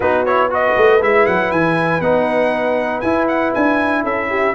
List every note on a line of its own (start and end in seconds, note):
0.00 0.72 B3
0.00 0.26 D#4
0.00 0.50 F#4
0.00 0.25 B4
0.25 0.49 E4
0.25 0.50 C#5
0.49 1.00 F#4
0.49 4.03 B4
0.49 1.02 D#5
0.77 1.01 A3
1.01 1.26 G#3
1.01 2.02 E4
1.01 1.26 E5
1.26 1.51 F#3
1.26 1.51 F#5
1.51 2.00 E3
1.51 2.01 G#5
2.00 3.01 B3
2.00 3.04 D#4
2.00 3.00 F#5
3.00 3.53 E4
3.00 4.54 E4
3.00 3.26 G#5
3.27 3.53 F#5
3.54 4.03 D4
3.54 4.04 G#5
4.03 4.54 C#4
4.03 4.28 A4
4.03 4.54 E5
4.29 4.54 G4